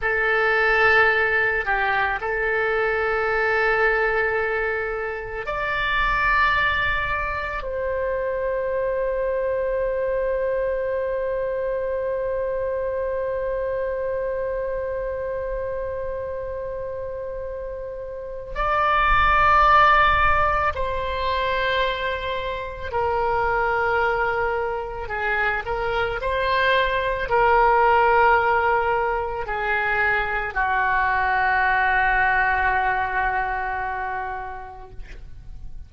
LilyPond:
\new Staff \with { instrumentName = "oboe" } { \time 4/4 \tempo 4 = 55 a'4. g'8 a'2~ | a'4 d''2 c''4~ | c''1~ | c''1~ |
c''4 d''2 c''4~ | c''4 ais'2 gis'8 ais'8 | c''4 ais'2 gis'4 | fis'1 | }